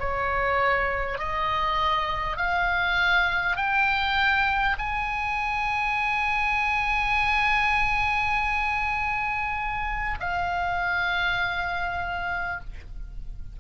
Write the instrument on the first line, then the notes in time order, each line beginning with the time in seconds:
oboe
0.00 C#5
1.19 D#5
2.37 F5
3.57 G5
4.79 G#5
10.21 F5